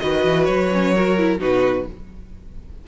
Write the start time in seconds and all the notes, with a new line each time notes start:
0.00 D#3 F#4 B4 D#5
0.25 E3
0.45 F#3 C#5
0.73 C#4
0.95 F#4 A#4
1.18 E4
1.40 B2 D#4 F#4 B4